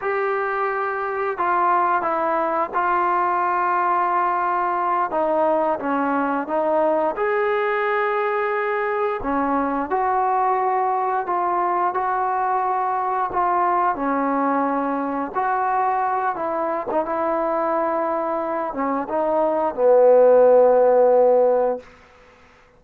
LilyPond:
\new Staff \with { instrumentName = "trombone" } { \time 4/4 \tempo 4 = 88 g'2 f'4 e'4 | f'2.~ f'8 dis'8~ | dis'8 cis'4 dis'4 gis'4.~ | gis'4. cis'4 fis'4.~ |
fis'8 f'4 fis'2 f'8~ | f'8 cis'2 fis'4. | e'8. dis'16 e'2~ e'8 cis'8 | dis'4 b2. | }